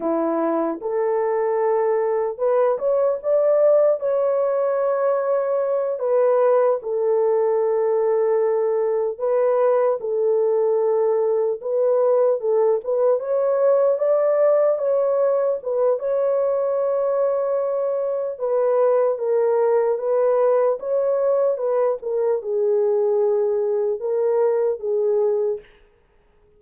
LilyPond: \new Staff \with { instrumentName = "horn" } { \time 4/4 \tempo 4 = 75 e'4 a'2 b'8 cis''8 | d''4 cis''2~ cis''8 b'8~ | b'8 a'2. b'8~ | b'8 a'2 b'4 a'8 |
b'8 cis''4 d''4 cis''4 b'8 | cis''2. b'4 | ais'4 b'4 cis''4 b'8 ais'8 | gis'2 ais'4 gis'4 | }